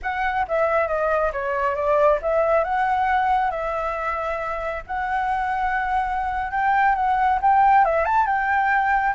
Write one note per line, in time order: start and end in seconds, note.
0.02 0.46 F#5
0.48 0.87 E5
0.87 1.31 D#5
1.32 1.75 C#5
1.75 2.19 D5
2.22 2.64 E5
2.64 3.51 F#5
3.51 4.83 E5
4.86 6.51 F#5
6.51 6.95 G5
6.95 7.39 F#5
7.41 7.84 G5
7.84 8.05 E5
8.05 8.26 A5
8.26 9.14 G5